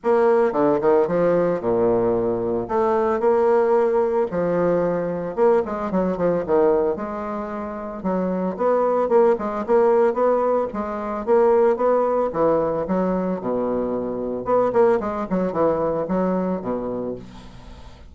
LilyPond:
\new Staff \with { instrumentName = "bassoon" } { \time 4/4 \tempo 4 = 112 ais4 d8 dis8 f4 ais,4~ | ais,4 a4 ais2 | f2 ais8 gis8 fis8 f8 | dis4 gis2 fis4 |
b4 ais8 gis8 ais4 b4 | gis4 ais4 b4 e4 | fis4 b,2 b8 ais8 | gis8 fis8 e4 fis4 b,4 | }